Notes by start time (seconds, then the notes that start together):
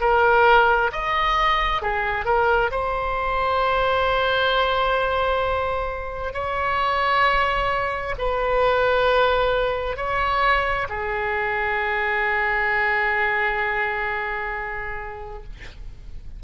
0.00 A#4
0.92 D#5
1.81 G#4
2.25 A#4
2.71 C5
6.33 C#5
8.18 B4
9.96 C#5
10.89 G#4